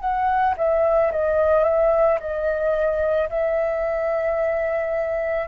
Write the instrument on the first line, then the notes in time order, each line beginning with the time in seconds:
flute
0.00 F#5
0.57 E5
1.12 D#5
1.64 E5
2.20 D#5
3.29 E5